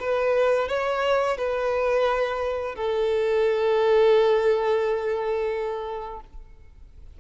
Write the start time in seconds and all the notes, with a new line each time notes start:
0.00 B4
0.69 C#5
1.38 B4
2.76 A4